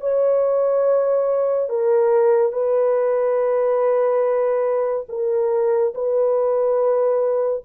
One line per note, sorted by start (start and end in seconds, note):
0.00 1.69 C#5
1.69 2.52 A#4
2.52 5.06 B4
5.09 5.93 A#4
5.94 7.63 B4